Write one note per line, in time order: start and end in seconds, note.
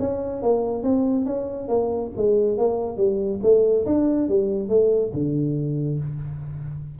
0.00 0.42 C#4
0.42 0.83 A#3
0.83 1.26 C4
1.26 1.69 C#4
1.69 2.11 A#3
2.17 2.58 G#3
2.58 2.97 A#3
2.97 3.40 G3
3.43 3.86 A3
3.86 4.29 D4
4.29 4.69 G3
4.69 5.12 A3
5.14 6.00 D3